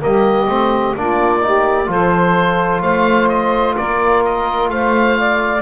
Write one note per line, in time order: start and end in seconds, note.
0.00 0.48 G3
0.00 0.47 A#3
0.00 0.98 G4
0.00 0.96 D#5
0.48 0.95 A3
0.48 0.95 C4
0.95 1.88 A#3
0.95 1.40 D4
0.95 1.45 F4
0.95 1.91 D5
1.40 1.86 D#4
1.40 1.89 G4
1.86 2.82 F3
1.86 5.61 F4
1.86 2.82 A4
1.86 2.82 C5
2.82 3.76 A3
2.82 3.76 C5
2.82 3.29 F5
3.29 3.76 D#5
3.77 4.69 A#3
3.77 4.71 A#4
3.77 4.24 D5
4.25 4.70 D#5
4.69 5.62 A3
4.69 5.18 C5
4.69 5.62 F5
5.18 5.62 D5